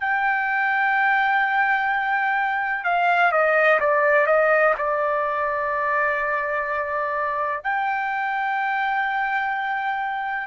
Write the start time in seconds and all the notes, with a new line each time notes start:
0.00 G5
2.84 F5
3.32 D#5
3.80 D5
4.26 D#5
4.78 D5
7.63 G5